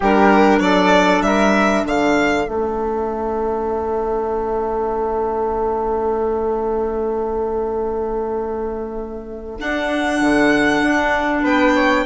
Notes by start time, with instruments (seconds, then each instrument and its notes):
0.00 bassoon G3, clarinet D4, flute G4, violin A#4
0.59 bassoon F#3, flute A4, violin D5
1.21 bassoon G3, flute A#4, violin E5
1.85 bassoon D3, flute A4, violin F5
2.48 bassoon A3, clarinet C#4, violin E5
9.59 clarinet D4, bassoon D4, violin F#5
10.20 bassoon D3
10.82 bassoon D4
11.42 bassoon B3, flute B4, violin G5
11.75 flute C#5